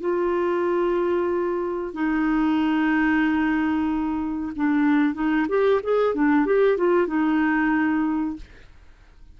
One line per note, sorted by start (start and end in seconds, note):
0.00 1.94 F4
1.94 4.52 D#4
4.55 5.14 D4
5.14 5.46 D#4
5.48 5.81 G4
5.83 6.14 G#4
6.14 6.45 D4
6.45 6.77 G4
6.77 7.07 F4
7.07 8.36 D#4